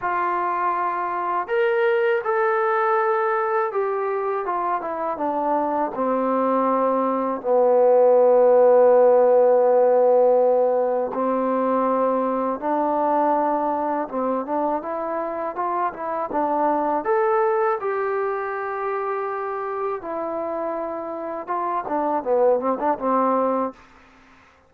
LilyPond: \new Staff \with { instrumentName = "trombone" } { \time 4/4 \tempo 4 = 81 f'2 ais'4 a'4~ | a'4 g'4 f'8 e'8 d'4 | c'2 b2~ | b2. c'4~ |
c'4 d'2 c'8 d'8 | e'4 f'8 e'8 d'4 a'4 | g'2. e'4~ | e'4 f'8 d'8 b8 c'16 d'16 c'4 | }